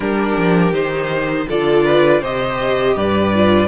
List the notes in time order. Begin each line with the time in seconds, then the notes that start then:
0.00 G3 D4 G4 A#4
0.36 F3
0.72 D#3 D#4 C5
1.48 D3 F4 A4 D5
1.84 B4
2.20 C3 G4 C5 D#5
2.96 G2 B4 D5
3.35 F4